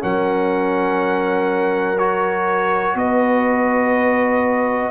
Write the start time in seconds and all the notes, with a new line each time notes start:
0.00 F#3 C#4 A#4 F#5
1.99 F#4 C#5
2.95 B3 B4 D#5